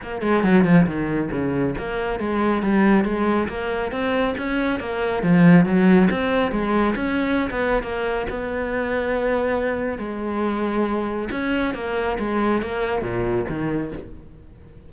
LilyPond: \new Staff \with { instrumentName = "cello" } { \time 4/4 \tempo 4 = 138 ais8 gis8 fis8 f8 dis4 cis4 | ais4 gis4 g4 gis4 | ais4 c'4 cis'4 ais4 | f4 fis4 c'4 gis4 |
cis'4~ cis'16 b8. ais4 b4~ | b2. gis4~ | gis2 cis'4 ais4 | gis4 ais4 ais,4 dis4 | }